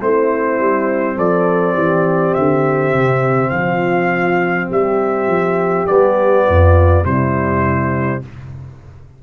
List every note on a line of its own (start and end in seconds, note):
0.00 0.58 A3
0.00 5.87 C4
0.00 1.17 E4
0.00 1.18 C5
0.58 1.17 G3
1.17 1.74 F3
1.17 1.74 A4
1.17 2.34 D5
1.74 2.33 E3
1.74 3.50 G4
2.34 2.92 D3
2.34 3.50 E5
2.92 3.51 C3
3.50 4.69 F3
3.50 4.69 F4
3.50 4.67 F5
4.69 5.27 G3
4.69 6.45 G4
4.69 5.87 E5
5.27 5.86 F3
5.87 6.48 G3
5.87 7.04 B3
5.87 7.04 D5
6.46 7.04 F2
6.46 7.04 F4
7.04 8.22 C3
7.04 8.22 G3
7.04 8.22 E4
7.04 8.23 C5